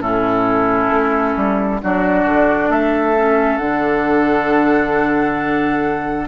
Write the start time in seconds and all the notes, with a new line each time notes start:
0.00 A2 C#4 E4 A4
0.89 A3
1.36 G3
1.82 F#3 D4 F#4 D5
2.25 D3
2.69 A3 A4 E5
3.16 C#4
3.57 D3 D4 F#5